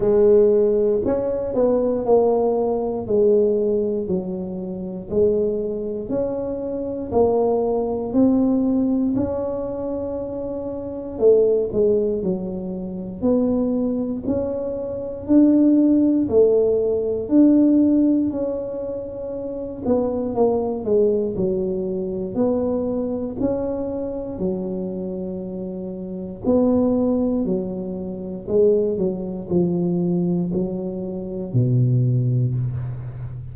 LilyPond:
\new Staff \with { instrumentName = "tuba" } { \time 4/4 \tempo 4 = 59 gis4 cis'8 b8 ais4 gis4 | fis4 gis4 cis'4 ais4 | c'4 cis'2 a8 gis8 | fis4 b4 cis'4 d'4 |
a4 d'4 cis'4. b8 | ais8 gis8 fis4 b4 cis'4 | fis2 b4 fis4 | gis8 fis8 f4 fis4 b,4 | }